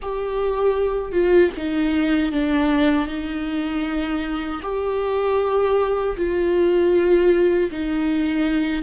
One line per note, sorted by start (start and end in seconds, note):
0.02 1.12 G4
1.12 1.50 F4
1.57 2.32 D#4
2.32 3.07 D4
3.07 4.61 D#4
4.62 6.16 G4
6.16 7.70 F4
7.71 8.82 D#4